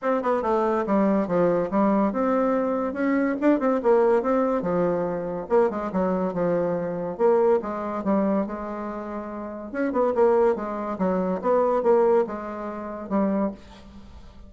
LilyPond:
\new Staff \with { instrumentName = "bassoon" } { \time 4/4 \tempo 4 = 142 c'8 b8 a4 g4 f4 | g4 c'2 cis'4 | d'8 c'8 ais4 c'4 f4~ | f4 ais8 gis8 fis4 f4~ |
f4 ais4 gis4 g4 | gis2. cis'8 b8 | ais4 gis4 fis4 b4 | ais4 gis2 g4 | }